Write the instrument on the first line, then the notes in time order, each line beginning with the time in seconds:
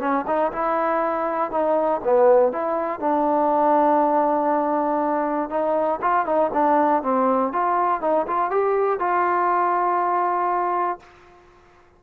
trombone
0.00 C#4
0.27 D#4
0.52 E4
1.51 D#4
2.04 B3
2.52 E4
3.00 D4
5.50 D#4
6.01 F4
6.26 D#4
6.53 D4
7.02 C4
7.52 F4
8.01 D#4
8.27 F4
8.51 G4
8.99 F4